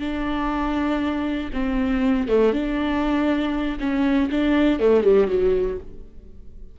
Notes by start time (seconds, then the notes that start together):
0.00 D4
1.53 C4
2.28 A3
2.53 D4
3.80 C#4
4.31 D4
4.80 A3
5.04 G3
5.27 F#3